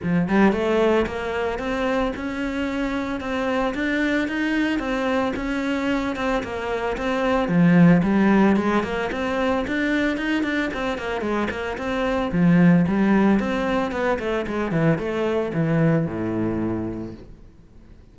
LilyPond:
\new Staff \with { instrumentName = "cello" } { \time 4/4 \tempo 4 = 112 f8 g8 a4 ais4 c'4 | cis'2 c'4 d'4 | dis'4 c'4 cis'4. c'8 | ais4 c'4 f4 g4 |
gis8 ais8 c'4 d'4 dis'8 d'8 | c'8 ais8 gis8 ais8 c'4 f4 | g4 c'4 b8 a8 gis8 e8 | a4 e4 a,2 | }